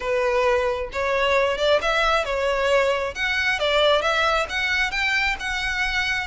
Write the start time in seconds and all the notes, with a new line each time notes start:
0.00 B4
0.92 C#5
1.57 D5
1.81 E5
2.24 C#5
3.14 F#5
3.59 D5
4.01 E5
4.49 F#5
4.91 G5
5.39 F#5